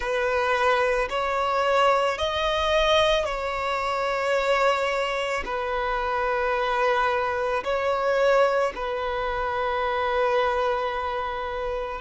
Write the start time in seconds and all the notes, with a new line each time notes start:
0.00 B4
1.09 C#5
2.18 D#5
3.25 C#5
5.45 B4
7.64 C#5
8.75 B4